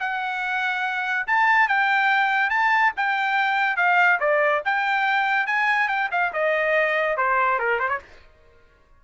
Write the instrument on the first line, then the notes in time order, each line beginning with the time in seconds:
trumpet
0.00 F#5
1.27 A5
1.68 G5
2.50 A5
2.97 G5
3.77 F5
4.20 D5
4.65 G5
5.47 G#5
5.88 G5
6.12 F5
6.33 D#5
7.17 C5
7.59 A#4
7.79 C5
7.89 C#5